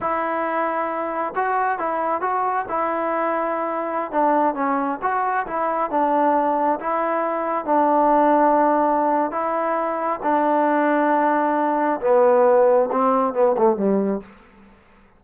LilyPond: \new Staff \with { instrumentName = "trombone" } { \time 4/4 \tempo 4 = 135 e'2. fis'4 | e'4 fis'4 e'2~ | e'4~ e'16 d'4 cis'4 fis'8.~ | fis'16 e'4 d'2 e'8.~ |
e'4~ e'16 d'2~ d'8.~ | d'4 e'2 d'4~ | d'2. b4~ | b4 c'4 b8 a8 g4 | }